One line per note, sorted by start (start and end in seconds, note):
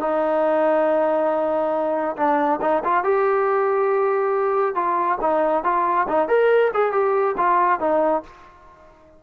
0.00 2.16 D#4
2.16 2.60 D4
2.61 2.83 D#4
2.84 3.03 F4
3.03 4.75 G4
4.75 5.18 F4
5.21 5.63 D#4
5.63 6.06 F4
6.08 6.28 D#4
6.28 6.71 A#4
6.73 6.92 G#4
6.92 7.35 G4
7.37 7.79 F4
7.79 8.22 D#4